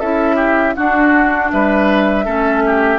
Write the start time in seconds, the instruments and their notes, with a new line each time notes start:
0.00 bassoon C#4, clarinet E4, oboe A4, flute E5
0.36 oboe G4
0.75 clarinet D4, bassoon D4, oboe F#4, flute F#5
1.52 bassoon G3, oboe B4, flute E5
2.25 bassoon A3, clarinet C#4, oboe A4
2.66 oboe G4